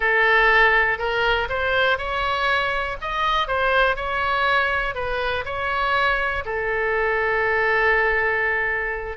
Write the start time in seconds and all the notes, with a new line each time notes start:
0.00 A4
0.98 A#4
1.49 C5
1.98 C#5
3.01 D#5
3.47 C5
3.96 C#5
4.95 B4
5.45 C#5
6.45 A4